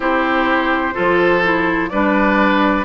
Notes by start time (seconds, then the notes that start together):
0.00 C4 E4 G4 C5
0.93 F3 F4 A4
1.43 E4
1.89 G3 D4 B4 D5